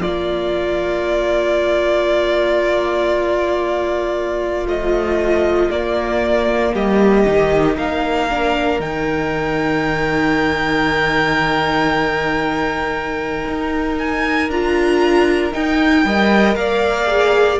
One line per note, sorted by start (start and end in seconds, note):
0.00 4.67 A#3
0.00 4.66 A#3
0.00 6.72 F4
0.00 4.67 D5
4.66 5.70 F3
4.66 5.69 A3
4.66 5.71 D#5
5.70 6.74 A#3
5.70 7.25 A#3
5.70 6.74 D5
6.73 7.26 G3
6.73 7.77 G4
6.73 7.78 D#5
7.25 7.77 D#3
7.25 8.29 D#4
7.77 8.79 A#3
7.77 16.06 A#4
7.77 8.81 F5
8.30 8.80 D4
8.79 13.45 D#3
8.79 14.49 D#4
8.79 13.98 G5
13.47 14.49 D#4
13.98 14.50 G#5
14.49 15.52 D4
14.49 15.53 F4
14.49 15.54 A#5
15.53 16.05 D#4
15.53 16.55 G5
16.05 16.56 G3
16.05 17.06 A#4
16.05 16.58 D#5
16.55 17.59 A#3
16.55 17.59 D5
16.55 17.59 F5
17.06 17.58 G#4